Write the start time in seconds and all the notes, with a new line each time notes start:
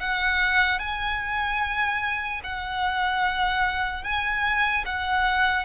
0.00 F#5
0.79 G#5
2.43 F#5
4.03 G#5
4.86 F#5